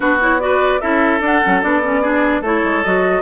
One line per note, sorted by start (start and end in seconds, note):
0.00 0.80 B3
0.00 0.19 D4
0.00 0.40 F#4
0.00 0.19 B4
0.20 0.40 E4
0.20 0.40 C#5
0.40 0.80 F#4
0.40 0.80 B4
0.40 0.80 D5
0.80 1.20 C#4
0.80 1.21 E4
0.80 2.01 A4
0.80 1.21 E5
1.20 1.40 D4
1.20 1.42 D4
1.20 1.62 F#5
1.42 1.63 F#3
1.42 1.61 C#4
1.61 2.41 B3
1.61 1.81 D4
1.61 2.43 D5
1.82 2.02 C#4
2.01 2.43 D4
2.01 2.41 G#4
2.41 2.61 A3
2.41 2.84 E4
2.41 3.21 A4
2.41 2.83 C#5
2.63 2.84 G#3
2.83 3.21 F#3
2.83 3.21 F#4
2.83 3.21 D#5